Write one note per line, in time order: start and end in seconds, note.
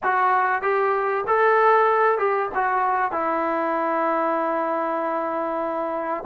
0.03 0.61 F#4
0.61 1.24 G4
1.27 2.18 A4
2.18 2.49 G4
2.55 3.11 F#4
3.11 6.24 E4